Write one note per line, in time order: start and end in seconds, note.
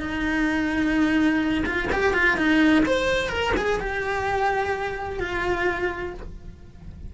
0.00 1.64 D#4
1.66 1.89 F4
1.92 2.14 G4
2.14 2.37 F4
2.37 2.84 D#4
2.86 3.29 C5
3.29 3.53 A#4
3.57 3.80 G#4
3.80 5.20 G4
5.20 6.13 F4